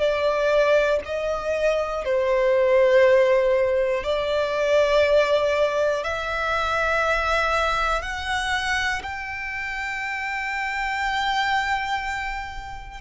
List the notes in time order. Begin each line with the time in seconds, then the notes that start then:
0.00 D5
1.05 D#5
2.05 C5
4.03 D5
6.03 E5
8.02 F#5
9.03 G5